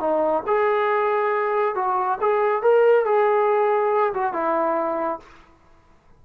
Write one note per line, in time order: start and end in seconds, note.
0.00 0.43 D#4
0.47 1.75 G#4
1.75 2.18 F#4
2.21 2.62 G#4
2.62 3.05 A#4
3.05 4.13 G#4
4.14 4.33 F#4
4.33 5.19 E4